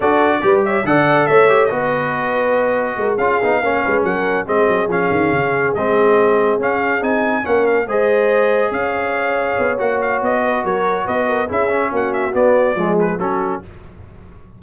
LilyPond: <<
  \new Staff \with { instrumentName = "trumpet" } { \time 4/4 \tempo 4 = 141 d''4. e''8 fis''4 e''4 | dis''2.~ dis''8 f''8~ | f''4. fis''4 dis''4 f''8~ | f''4. dis''2 f''8~ |
f''8 gis''4 fis''8 f''8 dis''4.~ | dis''8 f''2~ f''8 fis''8 f''8 | dis''4 cis''4 dis''4 e''4 | fis''8 e''8 d''4. b'8 a'4 | }
  \new Staff \with { instrumentName = "horn" } { \time 4/4 a'4 b'8 cis''8 d''4 cis''4 | b'2. ais'8 gis'8~ | gis'8 cis''8 b'8 ais'4 gis'4.~ | gis'1~ |
gis'4. ais'4 c''4.~ | c''8 cis''2.~ cis''8~ | cis''8 b'8 ais'4 b'8 ais'8 gis'4 | fis'2 gis'4 fis'4 | }
  \new Staff \with { instrumentName = "trombone" } { \time 4/4 fis'4 g'4 a'4. g'8 | fis'2.~ fis'8 f'8 | dis'8 cis'2 c'4 cis'8~ | cis'4. c'2 cis'8~ |
cis'8 dis'4 cis'4 gis'4.~ | gis'2. fis'4~ | fis'2. e'8 cis'8~ | cis'4 b4 gis4 cis'4 | }
  \new Staff \with { instrumentName = "tuba" } { \time 4/4 d'4 g4 d4 a4 | b2. gis8 cis'8 | b8 ais8 gis8 fis4 gis8 fis8 f8 | dis8 cis4 gis2 cis'8~ |
cis'8 c'4 ais4 gis4.~ | gis8 cis'2 b8 ais4 | b4 fis4 b4 cis'4 | ais4 b4 f4 fis4 | }
>>